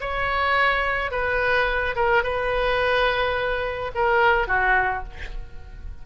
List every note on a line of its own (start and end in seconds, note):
0.00 1.11 C#5
1.11 1.95 B4
1.95 2.23 A#4
2.23 3.91 B4
3.95 4.47 A#4
4.47 5.03 F#4